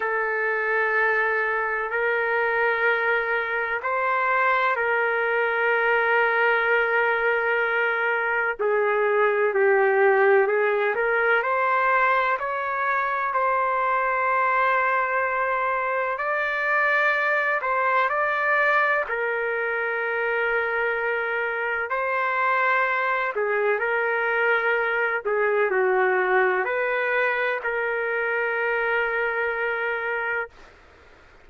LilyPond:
\new Staff \with { instrumentName = "trumpet" } { \time 4/4 \tempo 4 = 63 a'2 ais'2 | c''4 ais'2.~ | ais'4 gis'4 g'4 gis'8 ais'8 | c''4 cis''4 c''2~ |
c''4 d''4. c''8 d''4 | ais'2. c''4~ | c''8 gis'8 ais'4. gis'8 fis'4 | b'4 ais'2. | }